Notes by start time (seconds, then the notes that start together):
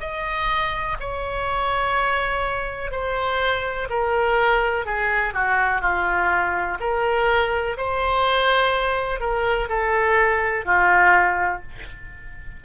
0.00 D#5
1.00 C#5
2.92 C5
3.90 A#4
4.86 G#4
5.34 F#4
5.82 F4
6.80 A#4
7.78 C5
9.20 A#4
9.69 A4
10.66 F4